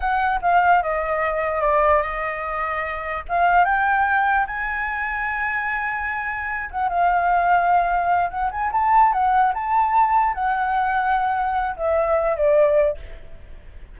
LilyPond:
\new Staff \with { instrumentName = "flute" } { \time 4/4 \tempo 4 = 148 fis''4 f''4 dis''2 | d''4 dis''2. | f''4 g''2 gis''4~ | gis''1~ |
gis''8 fis''8 f''2.~ | f''8 fis''8 gis''8 a''4 fis''4 a''8~ | a''4. fis''2~ fis''8~ | fis''4 e''4. d''4. | }